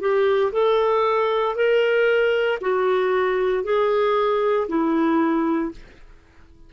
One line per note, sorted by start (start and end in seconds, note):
0.00 0.52 G4
0.52 1.55 A4
1.55 2.59 A#4
2.61 3.63 F#4
3.63 4.67 G#4
4.68 5.71 E4